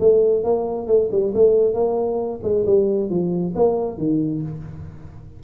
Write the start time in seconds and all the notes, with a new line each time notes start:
0.00 A3
0.44 A#3
0.87 A3
1.11 G3
1.35 A3
1.74 A#3
2.43 G#3
2.66 G3
3.10 F3
3.56 A#3
3.98 D#3